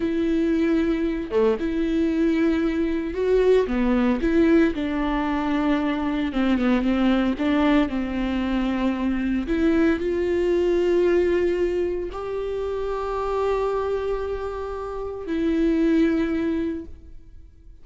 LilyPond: \new Staff \with { instrumentName = "viola" } { \time 4/4 \tempo 4 = 114 e'2~ e'8 a8 e'4~ | e'2 fis'4 b4 | e'4 d'2. | c'8 b8 c'4 d'4 c'4~ |
c'2 e'4 f'4~ | f'2. g'4~ | g'1~ | g'4 e'2. | }